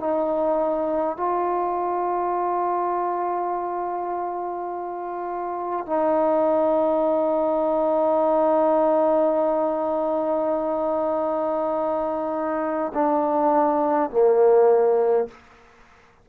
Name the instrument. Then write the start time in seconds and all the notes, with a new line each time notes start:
trombone
0.00 D#4
1.17 F4
5.87 D#4
12.94 D4
14.11 A#3